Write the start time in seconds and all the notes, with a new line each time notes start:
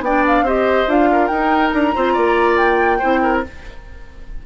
0.00 B3 D4 D5 G5
0.27 F5
0.41 C4 G4 C5
0.48 D#5
0.87 D4 F4 F5
1.12 A#4
1.27 D#4 G5
1.71 D4 A#5
1.95 C4 F4 C5
2.13 A#3 D5
2.56 G5
2.98 C4 E4 C5
3.22 A#4